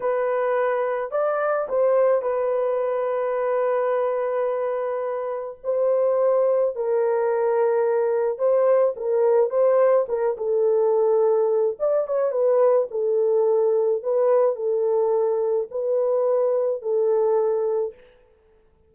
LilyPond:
\new Staff \with { instrumentName = "horn" } { \time 4/4 \tempo 4 = 107 b'2 d''4 c''4 | b'1~ | b'2 c''2 | ais'2. c''4 |
ais'4 c''4 ais'8 a'4.~ | a'4 d''8 cis''8 b'4 a'4~ | a'4 b'4 a'2 | b'2 a'2 | }